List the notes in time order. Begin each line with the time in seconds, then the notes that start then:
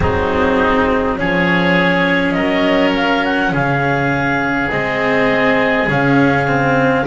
0.00 F#3 C4 D#4 G#4
1.17 F3 C#4 G#4 C#5
2.31 F#3 A#4 D#5
2.95 F5
3.24 F#5
3.51 C#3 G#4 F5
4.69 G#3 C4 D#5
5.87 C#3 C#4 F5
6.47 C4